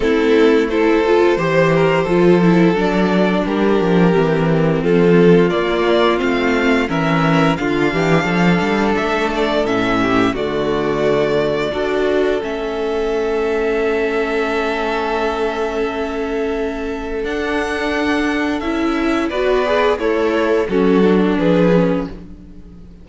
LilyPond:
<<
  \new Staff \with { instrumentName = "violin" } { \time 4/4 \tempo 4 = 87 a'4 c''2. | d''4 ais'2 a'4 | d''4 f''4 e''4 f''4~ | f''4 e''8 d''8 e''4 d''4~ |
d''2 e''2~ | e''1~ | e''4 fis''2 e''4 | d''4 cis''4 a'4 b'4 | }
  \new Staff \with { instrumentName = "violin" } { \time 4/4 e'4 a'4 c''8 ais'8 a'4~ | a'4 g'2 f'4~ | f'2 ais'4 f'8 g'8 | a'2~ a'8 g'8 fis'4~ |
fis'4 a'2.~ | a'1~ | a'1 | b'4 e'4 fis'4 gis'4 | }
  \new Staff \with { instrumentName = "viola" } { \time 4/4 c'4 e'8 f'8 g'4 f'8 e'8 | d'2 c'2 | ais4 c'4 cis'4 d'4~ | d'2 cis'4 a4~ |
a4 fis'4 cis'2~ | cis'1~ | cis'4 d'2 e'4 | fis'8 gis'8 a'4 cis'8 d'4 cis'8 | }
  \new Staff \with { instrumentName = "cello" } { \time 4/4 a2 e4 f4 | fis4 g8 f8 e4 f4 | ais4 a4 e4 d8 e8 | f8 g8 a4 a,4 d4~ |
d4 d'4 a2~ | a1~ | a4 d'2 cis'4 | b4 a4 fis4 f4 | }
>>